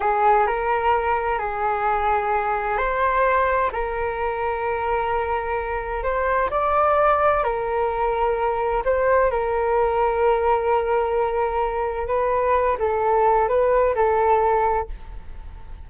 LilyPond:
\new Staff \with { instrumentName = "flute" } { \time 4/4 \tempo 4 = 129 gis'4 ais'2 gis'4~ | gis'2 c''2 | ais'1~ | ais'4 c''4 d''2 |
ais'2. c''4 | ais'1~ | ais'2 b'4. a'8~ | a'4 b'4 a'2 | }